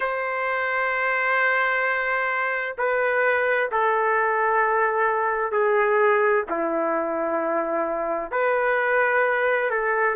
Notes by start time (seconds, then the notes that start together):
0.00 C5
2.77 B4
3.71 A4
5.51 G#4
6.49 E4
8.31 B4
9.70 A4